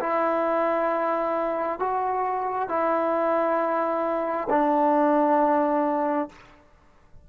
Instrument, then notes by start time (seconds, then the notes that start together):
trombone
0.00 E4
1.79 F#4
2.69 E4
4.50 D4